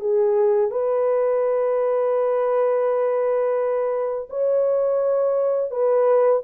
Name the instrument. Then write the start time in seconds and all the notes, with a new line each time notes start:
horn
0.00 G#4
0.71 B4
4.30 C#5
5.70 B4